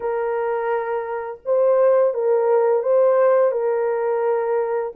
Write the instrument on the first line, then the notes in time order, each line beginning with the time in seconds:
horn
0.00 A#4
1.45 C5
2.14 A#4
2.82 C5
3.51 A#4